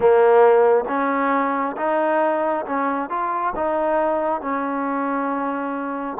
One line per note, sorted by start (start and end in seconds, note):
0.00 0.85 A#3
0.87 1.76 C#4
1.76 2.65 D#4
2.66 3.09 C#4
3.09 3.53 F4
3.55 4.41 D#4
4.41 6.17 C#4